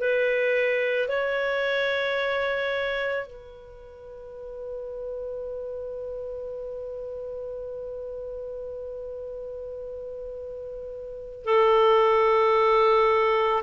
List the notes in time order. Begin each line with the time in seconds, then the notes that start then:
0.00 B4
1.09 C#5
3.27 B4
11.44 A4